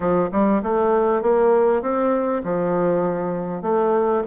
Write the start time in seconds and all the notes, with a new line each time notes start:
0.00 F3
0.31 G3
0.62 A3
1.21 A#3
1.82 C4
2.43 F3
3.62 A3